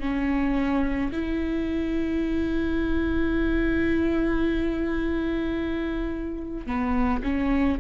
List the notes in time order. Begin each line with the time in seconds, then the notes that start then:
0.00 C#4
1.12 E4
6.66 B3
7.23 C#4